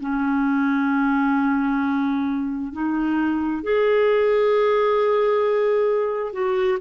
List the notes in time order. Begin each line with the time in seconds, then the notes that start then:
0.00 C#4
2.72 D#4
3.62 G#4
6.32 F#4